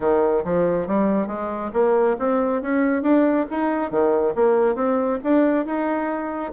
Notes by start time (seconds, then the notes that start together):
0.00 D#3
0.44 F3
0.87 G3
1.27 G#3
1.73 A#3
2.19 C4
2.61 C#4
3.02 D4
3.50 D#4
3.90 D#3
4.35 A#3
4.75 C4
5.23 D4
5.65 D#4